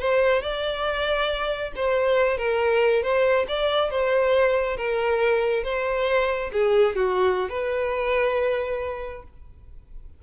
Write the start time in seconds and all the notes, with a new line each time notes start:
0.00 C5
0.42 D5
1.76 C5
2.38 A#4
3.03 C5
3.48 D5
3.91 C5
4.77 A#4
5.64 C5
6.53 G#4
6.96 F#4
7.49 B4